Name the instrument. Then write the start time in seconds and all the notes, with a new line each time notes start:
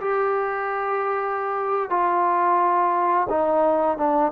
trombone
0.00 G4
1.89 F4
3.29 D#4
3.97 D4